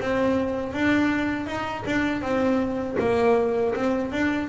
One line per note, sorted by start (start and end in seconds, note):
0.00 0.73 C4
0.73 1.46 D4
1.46 1.83 D#4
1.85 2.21 D4
2.21 2.96 C4
2.99 3.74 A#3
3.74 4.11 C4
4.11 4.48 D4